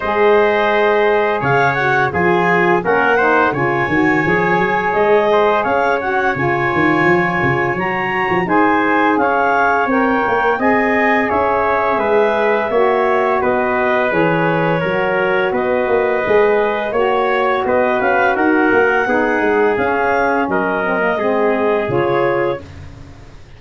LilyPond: <<
  \new Staff \with { instrumentName = "clarinet" } { \time 4/4 \tempo 4 = 85 dis''2 f''8 fis''8 gis''4 | fis''4 gis''2 dis''4 | f''8 fis''8 gis''2 ais''4 | gis''4 f''4 g''4 gis''4 |
e''2. dis''4 | cis''2 dis''2 | cis''4 dis''8 f''8 fis''2 | f''4 dis''2 cis''4 | }
  \new Staff \with { instrumentName = "trumpet" } { \time 4/4 c''2 cis''4 gis'4 | ais'8 c''8 cis''2~ cis''8 c''8 | cis''1 | c''4 cis''2 dis''4 |
cis''4 b'4 cis''4 b'4~ | b'4 ais'4 b'2 | cis''4 b'4 ais'4 gis'4~ | gis'4 ais'4 gis'2 | }
  \new Staff \with { instrumentName = "saxophone" } { \time 4/4 gis'2~ gis'8 fis'8 f'4 | cis'8 dis'8 f'8 fis'8 gis'2~ | gis'8 fis'8 f'2 fis'4 | gis'2 ais'4 gis'4~ |
gis'2 fis'2 | gis'4 fis'2 gis'4 | fis'2. dis'4 | cis'4. c'16 ais16 c'4 f'4 | }
  \new Staff \with { instrumentName = "tuba" } { \time 4/4 gis2 cis4 f4 | ais4 cis8 dis8 f8 fis8 gis4 | cis'4 cis8 dis8 f8 cis8 fis8. f16 | dis'4 cis'4 c'8 ais8 c'4 |
cis'4 gis4 ais4 b4 | e4 fis4 b8 ais8 gis4 | ais4 b8 cis'8 dis'8 ais8 b8 gis8 | cis'4 fis4 gis4 cis4 | }
>>